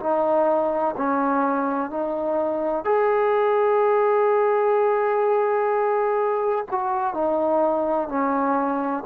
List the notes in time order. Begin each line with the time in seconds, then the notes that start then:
0.00 D#4
0.97 C#4
1.90 D#4
2.85 G#4
6.71 F#4
7.14 D#4
8.09 C#4